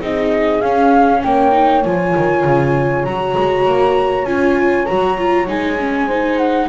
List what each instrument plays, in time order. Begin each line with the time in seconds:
0.00 double bass C4, viola D#4, horn G#4, flute D#5
0.61 double bass C#4, viola C#4, flute F5
1.22 double bass A#3, horn C#5, flute G5
1.52 viola D#4
1.83 double bass F3, viola F4, flute G#5
2.16 double bass D#3
2.44 double bass C#3
3.04 double bass F#3, viola F#4, flute A#5
3.38 double bass G#3
3.66 double bass A#3
4.25 double bass C#4, viola F4, flute G#5
4.86 double bass F#3, viola F#4, flute A#5
5.18 viola F4
5.47 double bass G#3, viola D#4, flute G#5
5.79 viola C#4
6.07 viola D#4, horn C5
6.38 flute F#5